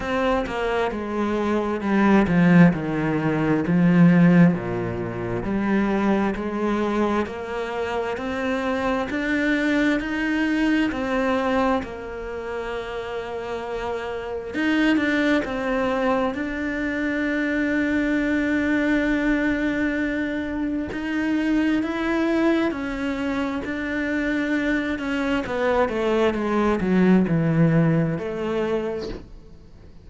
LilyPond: \new Staff \with { instrumentName = "cello" } { \time 4/4 \tempo 4 = 66 c'8 ais8 gis4 g8 f8 dis4 | f4 ais,4 g4 gis4 | ais4 c'4 d'4 dis'4 | c'4 ais2. |
dis'8 d'8 c'4 d'2~ | d'2. dis'4 | e'4 cis'4 d'4. cis'8 | b8 a8 gis8 fis8 e4 a4 | }